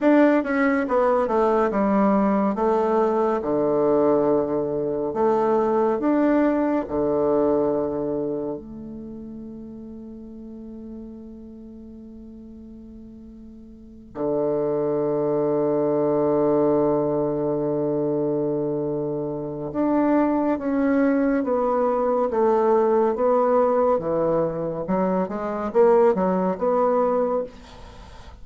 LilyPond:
\new Staff \with { instrumentName = "bassoon" } { \time 4/4 \tempo 4 = 70 d'8 cis'8 b8 a8 g4 a4 | d2 a4 d'4 | d2 a2~ | a1~ |
a8 d2.~ d8~ | d2. d'4 | cis'4 b4 a4 b4 | e4 fis8 gis8 ais8 fis8 b4 | }